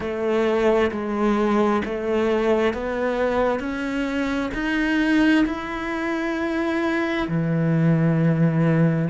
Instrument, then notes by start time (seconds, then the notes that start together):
cello
0.00 A3
0.91 G#3
1.84 A3
2.73 B3
3.59 C#4
4.54 D#4
5.45 E4
7.27 E3